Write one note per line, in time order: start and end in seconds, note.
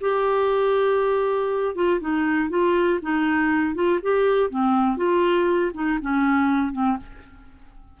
0.00 1.75 G4
1.75 2.00 F4
2.00 2.49 D#4
2.49 2.99 F4
3.02 3.74 D#4
3.74 3.99 F4
4.02 4.50 G4
4.50 4.96 C4
4.96 5.71 F4
5.73 5.98 D#4
6.01 6.72 C#4
6.72 6.97 C4